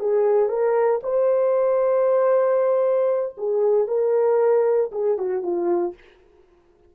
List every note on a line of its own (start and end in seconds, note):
0.00 0.49 G#4
0.49 1.01 A#4
1.03 3.36 C5
3.37 3.88 G#4
3.88 4.91 A#4
4.92 5.18 G#4
5.18 5.43 F#4
5.43 5.94 F4